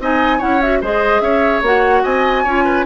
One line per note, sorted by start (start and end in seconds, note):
0.00 0.41 C4
0.00 0.40 D#4
0.00 0.38 D#5
0.00 0.41 G#5
0.38 0.82 C#4
0.38 0.60 E4
0.38 0.79 C#5
0.38 0.61 F#5
0.61 0.82 F#4
0.61 0.82 E5
0.81 1.21 G#3
0.81 1.64 G#4
0.81 1.22 C5
0.81 1.21 D#5
1.21 1.62 C#4
1.21 2.03 C#5
1.21 1.62 E5
1.62 2.03 A#3
1.62 2.46 F#4
1.62 2.04 F#5
2.03 2.45 C4
2.03 2.44 D#5
2.03 2.85 G#5
2.44 2.86 C#4
2.44 2.86 F4
2.44 2.64 C#5
2.64 2.85 B4